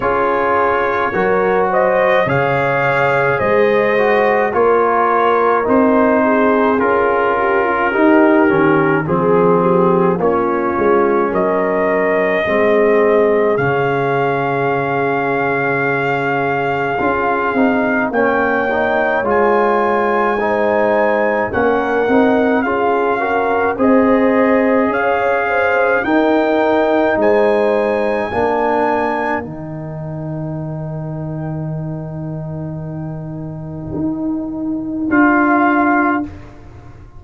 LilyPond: <<
  \new Staff \with { instrumentName = "trumpet" } { \time 4/4 \tempo 4 = 53 cis''4. dis''8 f''4 dis''4 | cis''4 c''4 ais'2 | gis'4 cis''4 dis''2 | f''1 |
g''4 gis''2 fis''4 | f''4 dis''4 f''4 g''4 | gis''2 g''2~ | g''2. f''4 | }
  \new Staff \with { instrumentName = "horn" } { \time 4/4 gis'4 ais'8 c''8 cis''4 c''4 | ais'4. gis'4 g'16 f'16 g'4 | gis'8 g'8 f'4 ais'4 gis'4~ | gis'1 |
cis''2 c''4 ais'4 | gis'8 ais'8 c''4 cis''8 c''8 ais'4 | c''4 ais'2.~ | ais'1 | }
  \new Staff \with { instrumentName = "trombone" } { \time 4/4 f'4 fis'4 gis'4. fis'8 | f'4 dis'4 f'4 dis'8 cis'8 | c'4 cis'2 c'4 | cis'2. f'8 dis'8 |
cis'8 dis'8 f'4 dis'4 cis'8 dis'8 | f'8 fis'8 gis'2 dis'4~ | dis'4 d'4 dis'2~ | dis'2. f'4 | }
  \new Staff \with { instrumentName = "tuba" } { \time 4/4 cis'4 fis4 cis4 gis4 | ais4 c'4 cis'4 dis'8 dis8 | f4 ais8 gis8 fis4 gis4 | cis2. cis'8 c'8 |
ais4 gis2 ais8 c'8 | cis'4 c'4 cis'4 dis'4 | gis4 ais4 dis2~ | dis2 dis'4 d'4 | }
>>